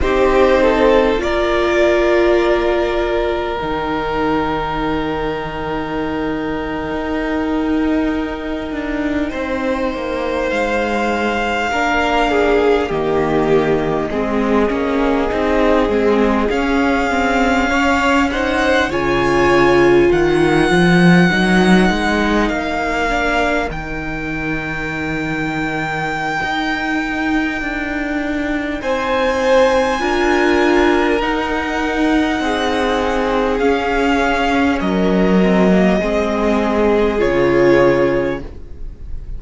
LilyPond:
<<
  \new Staff \with { instrumentName = "violin" } { \time 4/4 \tempo 4 = 50 c''4 d''2 g''4~ | g''1~ | g''8. f''2 dis''4~ dis''16~ | dis''4.~ dis''16 f''4. fis''8 gis''16~ |
gis''8. fis''2 f''4 g''16~ | g''1 | gis''2 fis''2 | f''4 dis''2 cis''4 | }
  \new Staff \with { instrumentName = "violin" } { \time 4/4 g'8 a'8 ais'2.~ | ais'2.~ ais'8. c''16~ | c''4.~ c''16 ais'8 gis'8 g'4 gis'16~ | gis'2~ gis'8. cis''8 c''8 cis''16~ |
cis''8. ais'2.~ ais'16~ | ais'1 | c''4 ais'2 gis'4~ | gis'4 ais'4 gis'2 | }
  \new Staff \with { instrumentName = "viola" } { \time 4/4 dis'4 f'2 dis'4~ | dis'1~ | dis'4.~ dis'16 d'4 ais4 c'16~ | c'16 cis'8 dis'8 c'8 cis'8 c'8 cis'8 dis'8 f'16~ |
f'4.~ f'16 dis'4. d'8 dis'16~ | dis'1~ | dis'4 f'4 dis'2 | cis'4. c'16 ais16 c'4 f'4 | }
  \new Staff \with { instrumentName = "cello" } { \time 4/4 c'4 ais2 dis4~ | dis4.~ dis16 dis'4. d'8 c'16~ | c'16 ais8 gis4 ais4 dis4 gis16~ | gis16 ais8 c'8 gis8 cis'2 cis16~ |
cis8. dis8 f8 fis8 gis8 ais4 dis16~ | dis2 dis'4 d'4 | c'4 d'4 dis'4 c'4 | cis'4 fis4 gis4 cis4 | }
>>